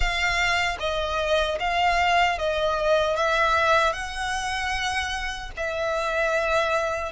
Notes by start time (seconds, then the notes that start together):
0.00 F5
0.79 D#5
1.59 F5
2.38 D#5
3.16 E5
3.93 F#5
5.56 E5